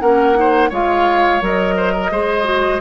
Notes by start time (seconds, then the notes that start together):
0.00 A#3 C#4 A#4 F#5
0.34 D#4 C5
0.69 G#3 F4 C#5 F5
1.41 F#3 A#4 D#5
1.76 C5
1.92 A#4
2.10 G#3 G#4 C5
2.44 F#4